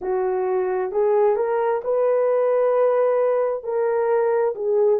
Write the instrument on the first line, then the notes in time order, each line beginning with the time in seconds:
horn
0.01 F#4
0.91 G#4
1.36 A#4
1.84 B4
3.63 A#4
4.55 G#4